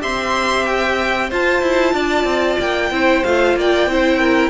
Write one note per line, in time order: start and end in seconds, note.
0.00 1.31 C4
0.00 1.29 G4
0.00 1.29 E5
0.00 0.66 C6
0.66 1.30 G5
1.29 1.62 F4
1.29 2.92 F4
1.29 1.94 C5
1.29 2.60 A5
1.62 1.93 E4
1.93 2.24 D4
1.93 2.91 D5
2.24 2.56 C4
2.60 2.90 A#3
2.60 3.24 G5
2.90 3.23 C4
2.90 3.24 E4
2.90 3.58 C5
3.24 3.55 A3
3.24 3.89 F4
3.24 3.56 F5
3.55 3.87 A#3
3.55 3.91 D5
3.55 4.50 G5
3.87 4.50 C4
3.87 4.50 E4
3.87 4.19 C5
4.19 4.50 A#4